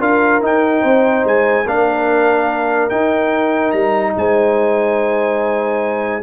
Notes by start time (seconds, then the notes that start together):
0.00 D4 F4 A#4 F5
0.41 D#4 G5
0.82 C4 C5
1.24 G#3 G#5
1.66 A#3 D4 A#4 F5
2.90 D#4 G5
3.72 G3 A#5
4.17 G#3 C5 G#5